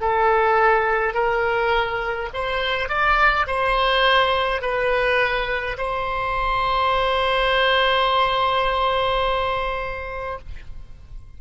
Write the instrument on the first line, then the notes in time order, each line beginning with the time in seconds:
oboe
0.00 A4
1.14 A#4
2.33 C5
2.88 D5
3.47 C5
4.62 B4
5.77 C5